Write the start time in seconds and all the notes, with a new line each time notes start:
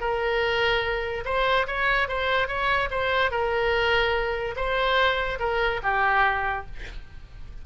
0.00 A#4
1.25 C5
1.67 C#5
2.08 C5
2.47 C#5
2.90 C5
3.31 A#4
4.56 C5
5.39 A#4
5.83 G4